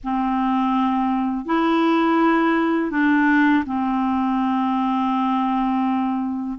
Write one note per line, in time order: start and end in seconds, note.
0.03 1.45 C4
1.45 2.90 E4
2.90 3.64 D4
3.66 6.59 C4